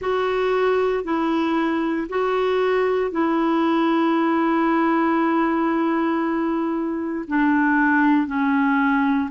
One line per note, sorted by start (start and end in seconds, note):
0.01 1.03 F#4
1.03 2.07 E4
2.09 3.11 F#4
3.11 7.25 E4
7.27 8.26 D4
8.26 9.30 C#4